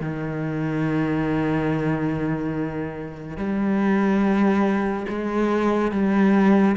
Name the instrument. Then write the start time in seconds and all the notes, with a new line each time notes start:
cello
0.00 D#3
3.37 G3
5.09 G#3
5.92 G3